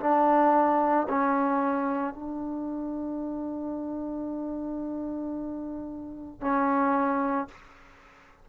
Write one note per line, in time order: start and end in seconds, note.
0.00 1.07 D4
1.09 2.14 C#4
2.14 6.41 D4
6.41 7.48 C#4